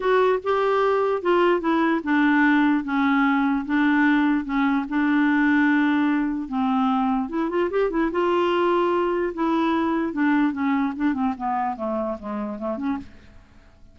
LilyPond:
\new Staff \with { instrumentName = "clarinet" } { \time 4/4 \tempo 4 = 148 fis'4 g'2 f'4 | e'4 d'2 cis'4~ | cis'4 d'2 cis'4 | d'1 |
c'2 e'8 f'8 g'8 e'8 | f'2. e'4~ | e'4 d'4 cis'4 d'8 c'8 | b4 a4 gis4 a8 cis'8 | }